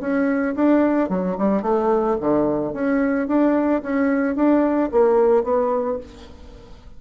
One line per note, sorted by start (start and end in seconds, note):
0.00 0.55 C#4
0.55 1.09 D4
1.09 1.36 F#3
1.38 1.62 G3
1.62 2.16 A3
2.20 2.73 D3
2.73 3.27 C#4
3.27 3.82 D4
3.82 4.35 C#4
4.35 4.90 D4
4.91 5.43 A#3
5.43 5.98 B3